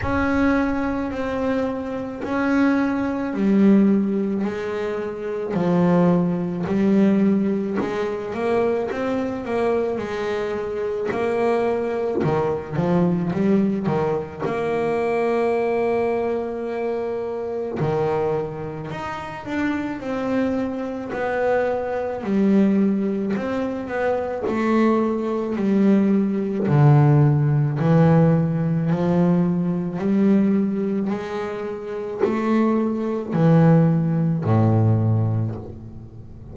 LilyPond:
\new Staff \with { instrumentName = "double bass" } { \time 4/4 \tempo 4 = 54 cis'4 c'4 cis'4 g4 | gis4 f4 g4 gis8 ais8 | c'8 ais8 gis4 ais4 dis8 f8 | g8 dis8 ais2. |
dis4 dis'8 d'8 c'4 b4 | g4 c'8 b8 a4 g4 | d4 e4 f4 g4 | gis4 a4 e4 a,4 | }